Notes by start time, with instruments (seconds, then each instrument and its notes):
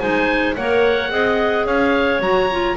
0.00 double bass G#3, clarinet D#4 C5, oboe G#5
0.56 double bass A#3, clarinet A#4 C#5, oboe F#5
1.11 double bass C4, clarinet G#4 D#5
1.66 double bass C#4, clarinet C#5, oboe F5
2.20 double bass F#3, clarinet F#4, oboe A#5
2.52 clarinet F4